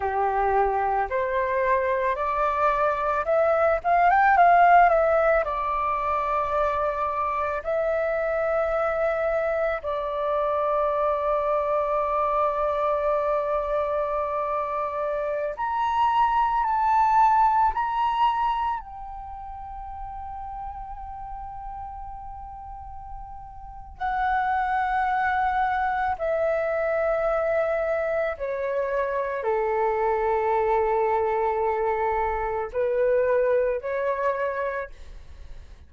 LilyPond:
\new Staff \with { instrumentName = "flute" } { \time 4/4 \tempo 4 = 55 g'4 c''4 d''4 e''8 f''16 g''16 | f''8 e''8 d''2 e''4~ | e''4 d''2.~ | d''2~ d''16 ais''4 a''8.~ |
a''16 ais''4 g''2~ g''8.~ | g''2 fis''2 | e''2 cis''4 a'4~ | a'2 b'4 cis''4 | }